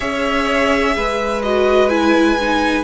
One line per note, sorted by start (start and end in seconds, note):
0.00 0.96 C#4
0.00 1.40 G#4
0.00 0.94 C#5
0.00 1.42 E5
0.95 2.84 G#3
0.95 2.84 B4
1.42 1.90 F#4
1.42 1.89 D#5
1.89 2.37 E4
1.89 2.84 G#5
2.41 2.84 D#4